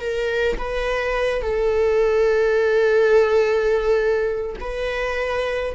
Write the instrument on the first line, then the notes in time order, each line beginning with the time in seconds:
viola
0.00 A#4
0.58 B4
1.42 A4
4.60 B4